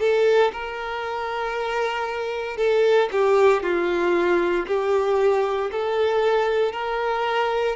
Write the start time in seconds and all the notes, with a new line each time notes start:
0.00 A4
0.53 A#4
2.57 A4
3.12 G4
3.63 F4
4.67 G4
5.72 A4
6.72 A#4